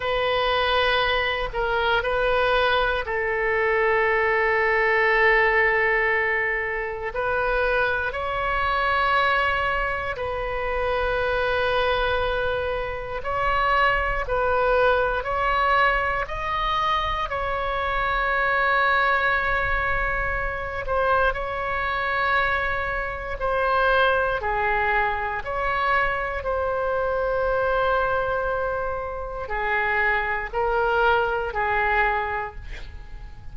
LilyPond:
\new Staff \with { instrumentName = "oboe" } { \time 4/4 \tempo 4 = 59 b'4. ais'8 b'4 a'4~ | a'2. b'4 | cis''2 b'2~ | b'4 cis''4 b'4 cis''4 |
dis''4 cis''2.~ | cis''8 c''8 cis''2 c''4 | gis'4 cis''4 c''2~ | c''4 gis'4 ais'4 gis'4 | }